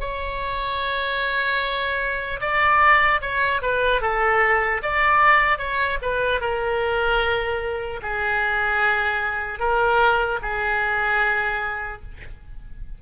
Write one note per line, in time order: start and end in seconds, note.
0.00 2.40 C#5
2.40 3.20 D5
3.21 3.61 C#5
3.61 4.01 B4
4.01 4.81 A4
4.82 5.58 D5
5.58 5.98 C#5
6.01 6.40 B4
6.40 8.00 A#4
8.02 9.59 G#4
9.59 10.39 A#4
10.42 12.02 G#4